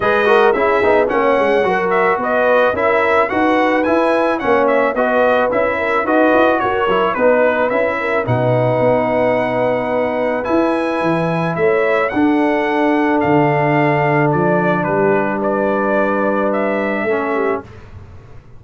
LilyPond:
<<
  \new Staff \with { instrumentName = "trumpet" } { \time 4/4 \tempo 4 = 109 dis''4 e''4 fis''4. e''8 | dis''4 e''4 fis''4 gis''4 | fis''8 e''8 dis''4 e''4 dis''4 | cis''4 b'4 e''4 fis''4~ |
fis''2. gis''4~ | gis''4 e''4 fis''2 | f''2 d''4 b'4 | d''2 e''2 | }
  \new Staff \with { instrumentName = "horn" } { \time 4/4 b'8 ais'8 gis'4 cis''4 ais'4 | b'4 ais'4 b'2 | cis''4 b'4. ais'8 b'4 | ais'4 b'4. ais'8 b'4~ |
b'1~ | b'4 cis''4 a'2~ | a'2. g'4 | b'2. a'8 g'8 | }
  \new Staff \with { instrumentName = "trombone" } { \time 4/4 gis'8 fis'8 e'8 dis'8 cis'4 fis'4~ | fis'4 e'4 fis'4 e'4 | cis'4 fis'4 e'4 fis'4~ | fis'8 e'8 dis'4 e'4 dis'4~ |
dis'2. e'4~ | e'2 d'2~ | d'1~ | d'2. cis'4 | }
  \new Staff \with { instrumentName = "tuba" } { \time 4/4 gis4 cis'8 b8 ais8 gis8 fis4 | b4 cis'4 dis'4 e'4 | ais4 b4 cis'4 dis'8 e'8 | fis'8 fis8 b4 cis'4 b,4 |
b2. e'4 | e4 a4 d'2 | d2 f4 g4~ | g2. a4 | }
>>